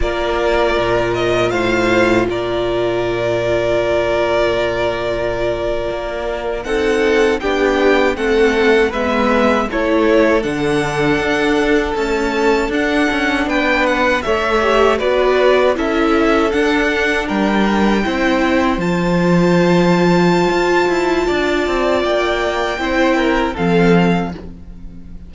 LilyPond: <<
  \new Staff \with { instrumentName = "violin" } { \time 4/4 \tempo 4 = 79 d''4. dis''8 f''4 d''4~ | d''1~ | d''8. fis''4 g''4 fis''4 e''16~ | e''8. cis''4 fis''2 a''16~ |
a''8. fis''4 g''8 fis''8 e''4 d''16~ | d''8. e''4 fis''4 g''4~ g''16~ | g''8. a''2.~ a''16~ | a''4 g''2 f''4 | }
  \new Staff \with { instrumentName = "violin" } { \time 4/4 ais'2 c''4 ais'4~ | ais'1~ | ais'8. a'4 g'4 a'4 b'16~ | b'8. a'2.~ a'16~ |
a'4.~ a'16 b'4 cis''4 b'16~ | b'8. a'2 ais'4 c''16~ | c''1 | d''2 c''8 ais'8 a'4 | }
  \new Staff \with { instrumentName = "viola" } { \time 4/4 f'1~ | f'1~ | f'8. dis'4 d'4 c'4 b16~ | b8. e'4 d'2 a16~ |
a8. d'2 a'8 g'8 fis'16~ | fis'8. e'4 d'2 e'16~ | e'8. f'2.~ f'16~ | f'2 e'4 c'4 | }
  \new Staff \with { instrumentName = "cello" } { \time 4/4 ais4 ais,4 a,4 ais,4~ | ais,2.~ ais,8. ais16~ | ais8. c'4 b4 a4 gis16~ | gis8. a4 d4 d'4 cis'16~ |
cis'8. d'8 cis'8 b4 a4 b16~ | b8. cis'4 d'4 g4 c'16~ | c'8. f2~ f16 f'8 e'8 | d'8 c'8 ais4 c'4 f4 | }
>>